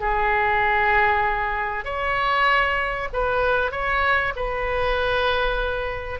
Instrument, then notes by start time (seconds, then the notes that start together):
oboe
0.00 G#4
1.84 C#5
3.13 B4
3.71 C#5
4.36 B4